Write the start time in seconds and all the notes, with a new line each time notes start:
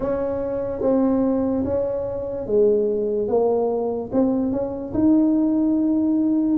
0.00 C#4
0.81 C4
1.64 C#4
2.46 G#3
3.28 A#3
4.12 C4
4.52 C#4
4.93 D#4